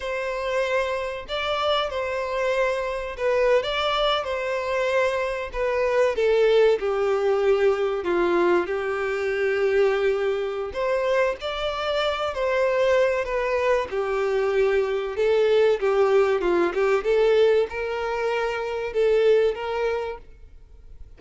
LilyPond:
\new Staff \with { instrumentName = "violin" } { \time 4/4 \tempo 4 = 95 c''2 d''4 c''4~ | c''4 b'8. d''4 c''4~ c''16~ | c''8. b'4 a'4 g'4~ g'16~ | g'8. f'4 g'2~ g'16~ |
g'4 c''4 d''4. c''8~ | c''4 b'4 g'2 | a'4 g'4 f'8 g'8 a'4 | ais'2 a'4 ais'4 | }